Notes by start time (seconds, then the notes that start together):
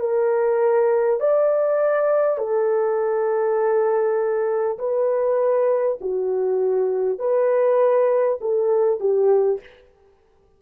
0.00 A#4
1.21 D5
2.38 A4
4.78 B4
6.01 F#4
7.19 B4
8.41 A4
9.01 G4